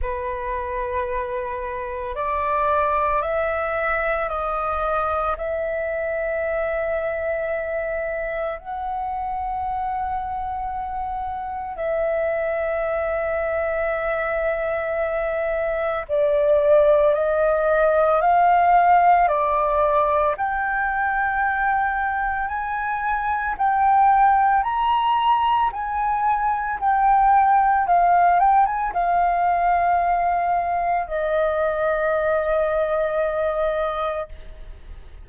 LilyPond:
\new Staff \with { instrumentName = "flute" } { \time 4/4 \tempo 4 = 56 b'2 d''4 e''4 | dis''4 e''2. | fis''2. e''4~ | e''2. d''4 |
dis''4 f''4 d''4 g''4~ | g''4 gis''4 g''4 ais''4 | gis''4 g''4 f''8 g''16 gis''16 f''4~ | f''4 dis''2. | }